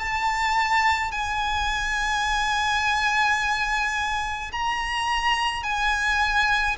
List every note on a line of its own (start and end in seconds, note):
0.00 1.12 A5
1.12 4.52 G#5
4.52 5.64 A#5
5.64 6.77 G#5